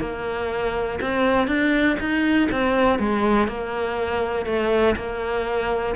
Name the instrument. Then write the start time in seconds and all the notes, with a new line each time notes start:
cello
0.00 A#3
1.01 C4
1.47 D4
1.99 D#4
2.51 C4
2.99 G#3
3.48 A#3
4.46 A3
4.96 A#3